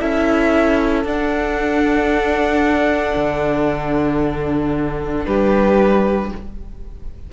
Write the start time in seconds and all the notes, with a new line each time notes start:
0.00 C#4 E4 A4 E5
1.04 D4 F#5
3.16 D3
5.26 G3 G4 B4